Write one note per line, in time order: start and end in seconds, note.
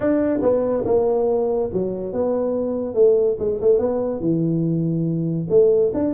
0.00 0.40 D4
0.41 0.84 B3
0.85 1.69 A#3
1.72 2.13 F#3
2.13 2.94 B3
2.94 3.36 A3
3.39 3.60 G#3
3.61 3.78 A3
3.78 4.20 B3
4.20 5.47 E3
5.49 5.92 A3
5.93 6.13 D4